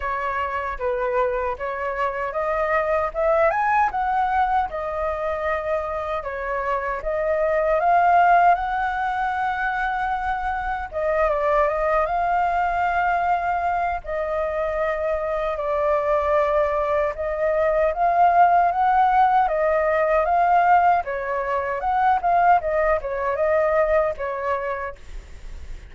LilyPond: \new Staff \with { instrumentName = "flute" } { \time 4/4 \tempo 4 = 77 cis''4 b'4 cis''4 dis''4 | e''8 gis''8 fis''4 dis''2 | cis''4 dis''4 f''4 fis''4~ | fis''2 dis''8 d''8 dis''8 f''8~ |
f''2 dis''2 | d''2 dis''4 f''4 | fis''4 dis''4 f''4 cis''4 | fis''8 f''8 dis''8 cis''8 dis''4 cis''4 | }